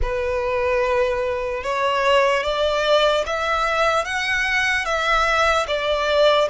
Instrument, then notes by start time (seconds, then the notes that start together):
violin
0.01 B4
1.63 C#5
2.43 D5
3.25 E5
4.05 F#5
4.85 E5
5.67 D5